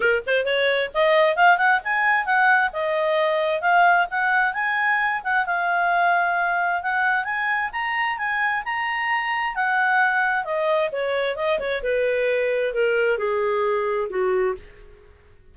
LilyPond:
\new Staff \with { instrumentName = "clarinet" } { \time 4/4 \tempo 4 = 132 ais'8 c''8 cis''4 dis''4 f''8 fis''8 | gis''4 fis''4 dis''2 | f''4 fis''4 gis''4. fis''8 | f''2. fis''4 |
gis''4 ais''4 gis''4 ais''4~ | ais''4 fis''2 dis''4 | cis''4 dis''8 cis''8 b'2 | ais'4 gis'2 fis'4 | }